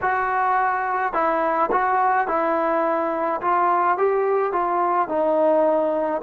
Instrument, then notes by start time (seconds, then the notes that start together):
trombone
0.01 F#4
1.13 E4
1.71 F#4
2.27 E4
3.41 F4
3.97 G4
4.52 F4
5.08 D#4